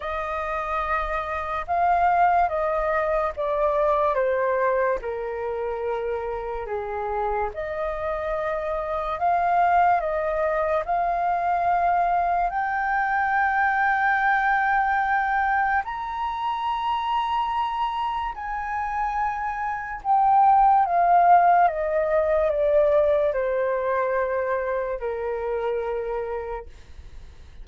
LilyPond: \new Staff \with { instrumentName = "flute" } { \time 4/4 \tempo 4 = 72 dis''2 f''4 dis''4 | d''4 c''4 ais'2 | gis'4 dis''2 f''4 | dis''4 f''2 g''4~ |
g''2. ais''4~ | ais''2 gis''2 | g''4 f''4 dis''4 d''4 | c''2 ais'2 | }